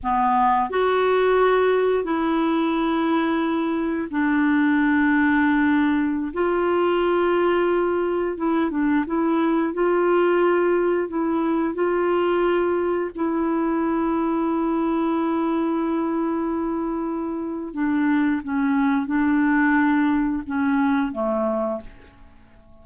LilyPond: \new Staff \with { instrumentName = "clarinet" } { \time 4/4 \tempo 4 = 88 b4 fis'2 e'4~ | e'2 d'2~ | d'4~ d'16 f'2~ f'8.~ | f'16 e'8 d'8 e'4 f'4.~ f'16~ |
f'16 e'4 f'2 e'8.~ | e'1~ | e'2 d'4 cis'4 | d'2 cis'4 a4 | }